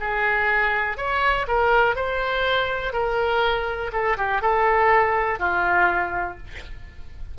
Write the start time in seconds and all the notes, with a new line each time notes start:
0.00 G#4
0.97 C#5
1.48 A#4
1.96 C5
2.93 A#4
3.92 A4
4.17 G4
4.41 A4
5.39 F4